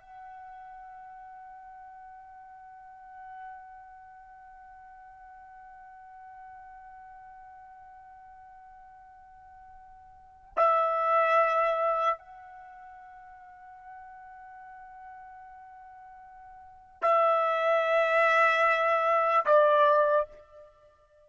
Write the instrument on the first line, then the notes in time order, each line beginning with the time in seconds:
trumpet
0.00 F#5
10.57 E5
12.18 F#5
17.02 E5
19.46 D5